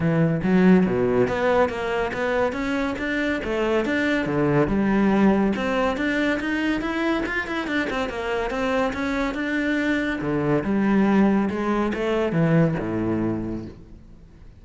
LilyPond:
\new Staff \with { instrumentName = "cello" } { \time 4/4 \tempo 4 = 141 e4 fis4 b,4 b4 | ais4 b4 cis'4 d'4 | a4 d'4 d4 g4~ | g4 c'4 d'4 dis'4 |
e'4 f'8 e'8 d'8 c'8 ais4 | c'4 cis'4 d'2 | d4 g2 gis4 | a4 e4 a,2 | }